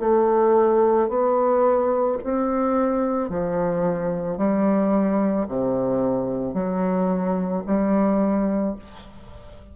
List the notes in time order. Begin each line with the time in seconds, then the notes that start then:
0.00 A3
1.09 B3
2.24 C4
3.29 F3
4.37 G3
5.48 C3
6.54 F#3
7.66 G3